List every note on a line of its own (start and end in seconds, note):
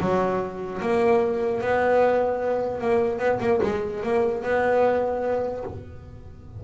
0.00 0.81 F#3
0.81 1.61 A#3
1.61 2.80 B3
2.80 3.19 A#3
3.19 3.39 B3
3.40 3.60 A#3
3.63 4.03 G#3
4.03 4.43 A#3
4.43 5.64 B3